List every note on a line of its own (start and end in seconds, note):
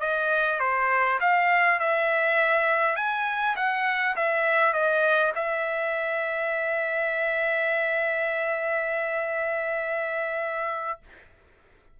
0.00 0.59 D#5
0.60 1.19 C5
1.20 1.80 F5
1.80 2.96 E5
2.96 3.55 G#5
3.56 4.15 F#5
4.16 4.73 E5
4.73 5.32 D#5
5.35 10.99 E5